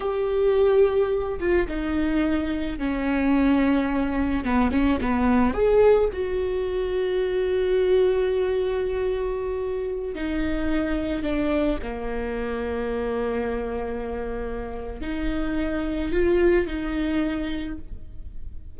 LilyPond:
\new Staff \with { instrumentName = "viola" } { \time 4/4 \tempo 4 = 108 g'2~ g'8 f'8 dis'4~ | dis'4 cis'2. | b8 cis'8 b4 gis'4 fis'4~ | fis'1~ |
fis'2~ fis'16 dis'4.~ dis'16~ | dis'16 d'4 ais2~ ais8.~ | ais2. dis'4~ | dis'4 f'4 dis'2 | }